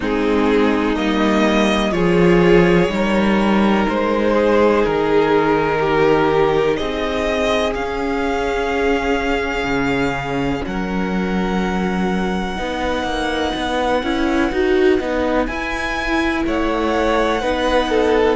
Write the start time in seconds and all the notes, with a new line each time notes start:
0.00 G#3 C4 D#4 G#4
0.95 G3 A#3 D#5
1.92 F3 F4 G#4 C#5
2.89 G3 D#4 A#4
3.88 G#3 C5
4.33 G#4
4.85 D#3 A#4
5.79 G4
6.76 C4 G#4 D#5
7.74 C#4 F5
9.63 C#3
10.65 F#3 A#4 F#5
12.55 B3 D#4 B4
13.03 A#3
13.55 B3
14.02 C#4 E4
14.51 D#4 F#4
14.99 B3 D#4
15.46 E4 G#5
16.46 A3 C#5 F#5
17.41 B3 D#4 B4
17.89 A4